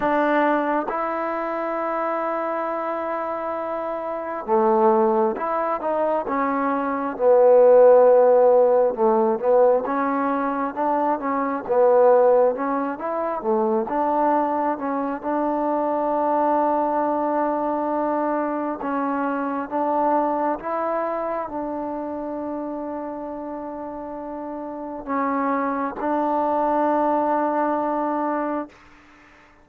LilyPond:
\new Staff \with { instrumentName = "trombone" } { \time 4/4 \tempo 4 = 67 d'4 e'2.~ | e'4 a4 e'8 dis'8 cis'4 | b2 a8 b8 cis'4 | d'8 cis'8 b4 cis'8 e'8 a8 d'8~ |
d'8 cis'8 d'2.~ | d'4 cis'4 d'4 e'4 | d'1 | cis'4 d'2. | }